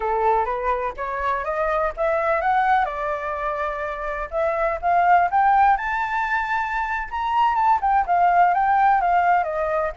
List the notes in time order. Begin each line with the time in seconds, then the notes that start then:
0.00 A4
0.45 B4
0.96 C#5
1.44 D#5
1.96 E5
2.41 F#5
2.85 D5
4.31 E5
4.81 F5
5.30 G5
5.76 A5
7.10 A#5
7.55 A5
7.81 G5
8.06 F5
8.54 G5
9.01 F5
9.43 D#5